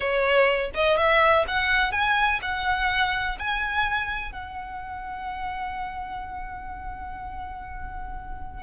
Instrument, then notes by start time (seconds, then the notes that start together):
violin
0.00 C#5
0.74 D#5
0.97 E5
1.47 F#5
1.92 G#5
2.41 F#5
3.38 G#5
4.32 F#5